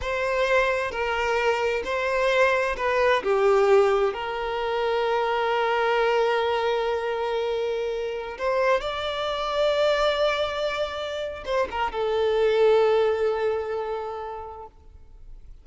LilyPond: \new Staff \with { instrumentName = "violin" } { \time 4/4 \tempo 4 = 131 c''2 ais'2 | c''2 b'4 g'4~ | g'4 ais'2.~ | ais'1~ |
ais'2~ ais'16 c''4 d''8.~ | d''1~ | d''4 c''8 ais'8 a'2~ | a'1 | }